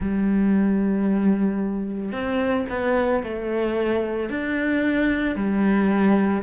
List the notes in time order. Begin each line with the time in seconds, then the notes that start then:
0.00 G3
2.12 C4
2.69 B3
3.23 A3
4.29 D4
5.35 G3